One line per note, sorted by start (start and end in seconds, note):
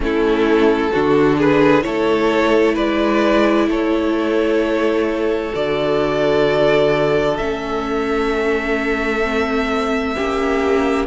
0.00 0.90 A3
0.00 0.92 C#4
0.00 0.92 E4
0.00 1.40 A4
0.92 1.86 D3
0.92 1.82 D4
0.92 1.37 F#4
1.37 1.83 G#4
1.37 1.82 B4
1.82 2.77 A3
1.82 5.51 E4
1.82 2.74 A4
1.82 2.75 C#5
2.74 3.68 G#3
2.74 3.66 B4
2.74 3.68 D5
3.68 5.52 A3
3.68 10.14 A4
3.68 5.54 C#5
5.53 7.38 D3
5.53 7.37 F#4
5.53 7.37 D5
7.37 10.15 A3
7.37 9.22 C#4
7.37 11.06 E5
9.22 10.15 C4
10.14 11.07 A#3
10.14 11.07 C#4
10.14 11.07 G4